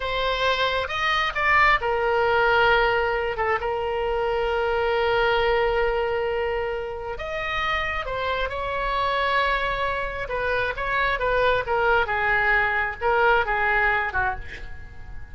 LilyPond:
\new Staff \with { instrumentName = "oboe" } { \time 4/4 \tempo 4 = 134 c''2 dis''4 d''4 | ais'2.~ ais'8 a'8 | ais'1~ | ais'1 |
dis''2 c''4 cis''4~ | cis''2. b'4 | cis''4 b'4 ais'4 gis'4~ | gis'4 ais'4 gis'4. fis'8 | }